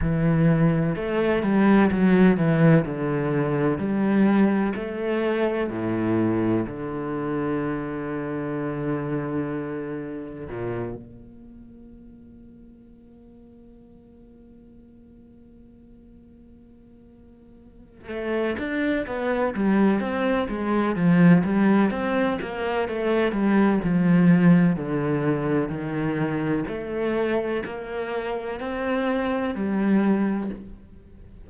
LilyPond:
\new Staff \with { instrumentName = "cello" } { \time 4/4 \tempo 4 = 63 e4 a8 g8 fis8 e8 d4 | g4 a4 a,4 d4~ | d2. ais,8 ais8~ | ais1~ |
ais2. a8 d'8 | b8 g8 c'8 gis8 f8 g8 c'8 ais8 | a8 g8 f4 d4 dis4 | a4 ais4 c'4 g4 | }